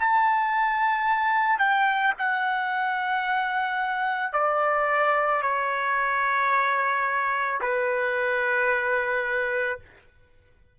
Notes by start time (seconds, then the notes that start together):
0.00 A5
1.59 G5
2.19 F#5
4.33 D5
5.42 C#5
7.62 B4